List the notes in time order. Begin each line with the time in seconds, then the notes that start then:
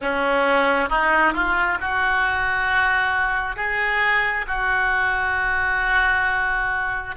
0.01 C#4
0.89 D#4
1.33 F4
1.80 F#4
3.56 G#4
4.47 F#4